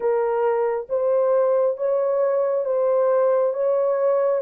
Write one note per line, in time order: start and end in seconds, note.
0.00 0.87 A#4
0.89 1.77 C5
1.77 2.65 C#5
2.65 3.53 C5
3.53 4.41 C#5